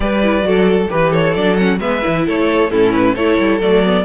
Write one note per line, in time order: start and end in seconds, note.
0.00 0.42 G3
0.00 0.21 G4
0.00 0.46 B4
0.00 0.87 D5
0.23 0.43 E4
0.42 0.87 F#3
0.42 0.88 F#4
0.42 0.90 A4
0.89 1.35 E3
0.89 1.34 G4
0.89 1.10 B4
0.89 1.13 B4
1.10 1.77 A4
1.10 1.34 C#5
1.34 1.79 F#3
1.34 1.57 D4
1.34 1.56 D5
1.56 1.79 C#4
1.56 1.78 F#5
1.79 2.02 G#3
1.79 2.02 B3
1.79 2.25 B4
1.79 2.25 E5
2.02 2.28 E3
2.02 2.69 E4
2.25 2.71 A3
2.25 2.70 A4
2.25 2.71 C#5
2.70 3.15 A2
2.70 3.16 C#4
2.70 3.14 E4
2.70 2.92 A4
2.92 3.15 B4
3.14 3.38 A3
3.14 3.61 E4
3.14 4.04 A4
3.14 3.60 C#5
3.38 3.60 G3
3.60 4.05 F#3
3.60 3.83 A3
3.60 4.05 D5
3.84 4.05 B3